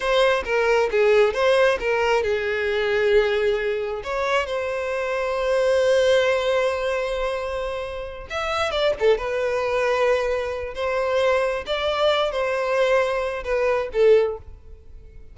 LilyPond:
\new Staff \with { instrumentName = "violin" } { \time 4/4 \tempo 4 = 134 c''4 ais'4 gis'4 c''4 | ais'4 gis'2.~ | gis'4 cis''4 c''2~ | c''1~ |
c''2~ c''8 e''4 d''8 | a'8 b'2.~ b'8 | c''2 d''4. c''8~ | c''2 b'4 a'4 | }